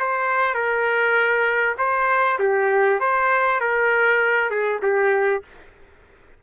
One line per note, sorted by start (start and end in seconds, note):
0.00 0.55 C5
0.55 1.76 A#4
1.79 2.39 C5
2.40 3.00 G4
3.01 3.61 C5
3.61 4.51 A#4
4.51 4.81 G#4
4.83 5.43 G4